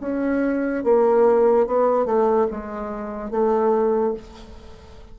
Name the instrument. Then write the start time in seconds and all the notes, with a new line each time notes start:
bassoon
0.00 C#4
0.83 A#3
1.66 B3
2.05 A3
2.50 G#3
3.30 A3